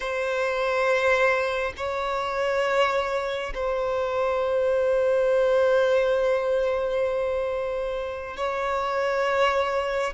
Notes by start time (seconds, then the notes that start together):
0.00 C5
1.76 C#5
3.54 C5
8.37 C#5